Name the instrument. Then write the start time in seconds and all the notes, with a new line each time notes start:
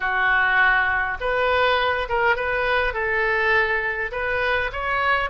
oboe
0.00 F#4
1.20 B4
2.08 A#4
2.36 B4
2.93 A4
4.11 B4
4.72 C#5